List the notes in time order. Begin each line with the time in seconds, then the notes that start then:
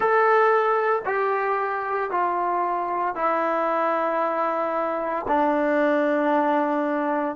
0.00 A4
1.05 G4
2.11 F4
3.15 E4
5.27 D4